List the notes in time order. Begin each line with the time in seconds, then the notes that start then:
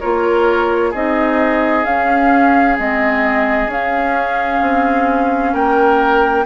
0.00 A#3 F4 A#4 C#5
0.90 C4 D#4 G#4 D#5
1.85 C#4 F5
2.77 G#3 C4 D#5
3.67 C#4 F5
4.62 C4
5.53 A#3 A#4 G5